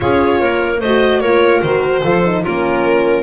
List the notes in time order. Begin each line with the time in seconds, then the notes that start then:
0.00 C#4 F4 G#4 C#5
0.40 A#3 A#4
0.80 A3 F#4 C5 D#5
1.20 A#3 F4 A#4 C#5
1.61 D#3 F#4 C5
2.03 F3 F4 A4
2.25 D#4
2.42 A#3 C#4 F4 A#4